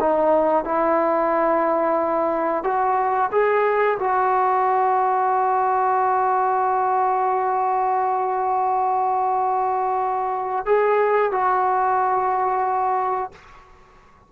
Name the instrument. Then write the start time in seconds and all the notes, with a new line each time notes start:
trombone
0.00 D#4
0.65 E4
2.64 F#4
3.32 G#4
3.99 F#4
10.65 G#4
11.32 F#4